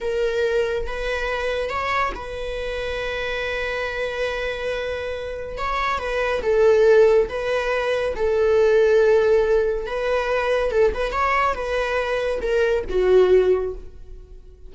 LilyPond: \new Staff \with { instrumentName = "viola" } { \time 4/4 \tempo 4 = 140 ais'2 b'2 | cis''4 b'2.~ | b'1~ | b'4 cis''4 b'4 a'4~ |
a'4 b'2 a'4~ | a'2. b'4~ | b'4 a'8 b'8 cis''4 b'4~ | b'4 ais'4 fis'2 | }